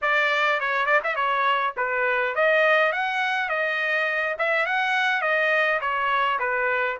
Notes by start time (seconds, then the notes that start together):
0.01 D5
0.60 C#5
0.86 D5
1.03 E5
1.15 C#5
1.77 B4
2.35 D#5
2.92 F#5
3.49 D#5
4.38 E5
4.66 F#5
5.21 D#5
5.80 C#5
6.39 B4